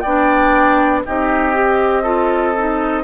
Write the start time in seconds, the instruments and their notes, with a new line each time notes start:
0.00 bassoon B3, clarinet D4, oboe D5, flute G5
1.06 bassoon C4, clarinet D#4, oboe G4, flute D#5
1.54 clarinet G4
2.03 clarinet F4, oboe A4
2.57 clarinet D#4